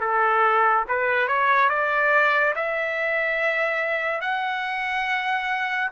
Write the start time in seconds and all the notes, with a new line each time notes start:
0.00 A4
0.88 B4
1.28 C#5
1.69 D5
2.55 E5
4.21 F#5